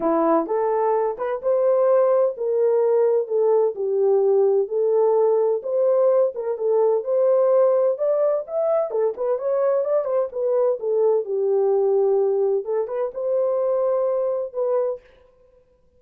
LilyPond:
\new Staff \with { instrumentName = "horn" } { \time 4/4 \tempo 4 = 128 e'4 a'4. b'8 c''4~ | c''4 ais'2 a'4 | g'2 a'2 | c''4. ais'8 a'4 c''4~ |
c''4 d''4 e''4 a'8 b'8 | cis''4 d''8 c''8 b'4 a'4 | g'2. a'8 b'8 | c''2. b'4 | }